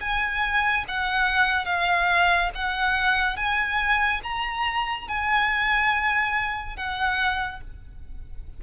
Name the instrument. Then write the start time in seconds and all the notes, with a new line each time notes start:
violin
0.00 G#5
0.88 F#5
1.65 F5
2.55 F#5
3.36 G#5
4.23 A#5
5.08 G#5
6.76 F#5